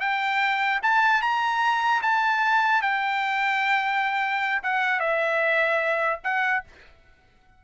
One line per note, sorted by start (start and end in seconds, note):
0.00 0.80 G5
0.82 1.21 A5
1.21 2.01 A#5
2.02 2.81 A5
2.81 4.61 G5
4.63 5.00 F#5
5.00 6.20 E5
6.23 6.63 F#5